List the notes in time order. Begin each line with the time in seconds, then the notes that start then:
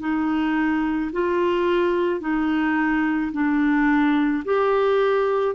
0.00 D#4
1.13 F4
2.21 D#4
3.33 D4
4.45 G4